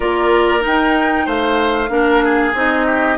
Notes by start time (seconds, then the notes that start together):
0.00 A#3 F4 A#4 D5
0.60 D#4 G5
0.66 D#4
1.25 A3 C5 F5
1.89 A#3 D4 A#4
2.24 G#4
2.54 C4 D#4 D#5
2.86 G4